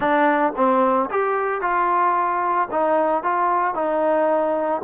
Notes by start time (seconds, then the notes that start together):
0.00 D4
0.56 C4
1.10 G4
1.61 F4
2.71 D#4
3.23 F4
3.74 D#4